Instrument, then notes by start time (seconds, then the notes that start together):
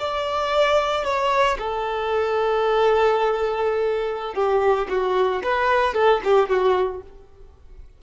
violin
0.00 D5
1.05 C#5
1.59 A4
4.35 G4
4.89 F#4
5.44 B4
5.94 A4
6.25 G4
6.49 F#4